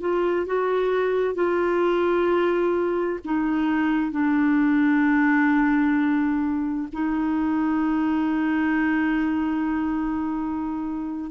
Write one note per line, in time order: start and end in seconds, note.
0.00 0.46 F4
0.46 1.35 F#4
1.35 3.19 F4
3.25 4.11 D#4
4.11 6.88 D4
6.92 11.31 D#4